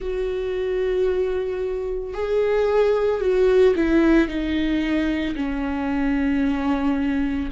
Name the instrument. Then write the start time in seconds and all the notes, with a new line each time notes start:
viola
0.00 F#4
2.13 G#4
3.20 F#4
3.75 E4
4.28 D#4
5.35 C#4